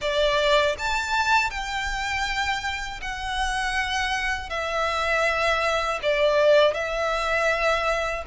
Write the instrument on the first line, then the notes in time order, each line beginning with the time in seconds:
violin
0.01 D5
0.78 A5
1.50 G5
3.01 F#5
4.49 E5
6.02 D5
6.74 E5